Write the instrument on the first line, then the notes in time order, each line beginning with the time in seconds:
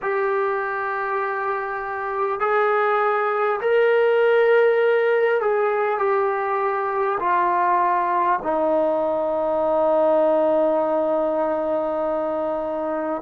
trombone
0.02 G4
2.39 G#4
3.60 A#4
5.41 G#4
5.98 G4
7.19 F4
8.43 D#4